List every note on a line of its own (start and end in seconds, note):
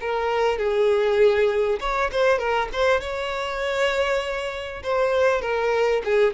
0.00 0.58 A#4
0.58 1.79 G#4
1.80 2.10 C#5
2.11 2.38 C5
2.38 2.68 A#4
2.72 3.00 C5
3.00 4.82 C#5
4.83 5.41 C5
5.41 6.02 A#4
6.04 6.33 G#4